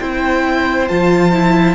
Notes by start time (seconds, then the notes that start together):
0.00 C4 E4 C5 G5
0.89 F3 F4 A5
1.33 E4